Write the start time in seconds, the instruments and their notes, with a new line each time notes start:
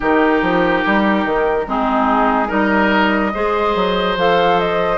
0.00 bassoon D#3, clarinet D#4, oboe G4, flute A#4
0.42 bassoon F3
0.85 bassoon G3
1.24 bassoon D#3
1.66 bassoon G#3, clarinet C4, oboe D#4, flute G#4
2.47 bassoon G3, clarinet D#4, oboe A#4, flute D#5
3.34 bassoon G#3, clarinet G#4, oboe C5
3.75 bassoon F#3
4.16 bassoon F3, clarinet A4, flute F5
4.59 flute D#5